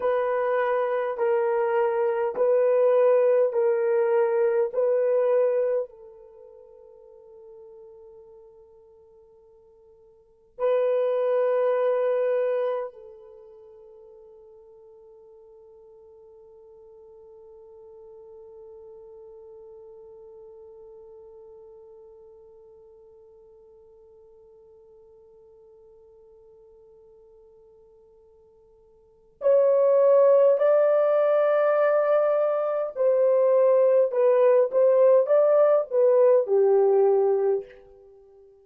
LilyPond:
\new Staff \with { instrumentName = "horn" } { \time 4/4 \tempo 4 = 51 b'4 ais'4 b'4 ais'4 | b'4 a'2.~ | a'4 b'2 a'4~ | a'1~ |
a'1~ | a'1~ | a'4 cis''4 d''2 | c''4 b'8 c''8 d''8 b'8 g'4 | }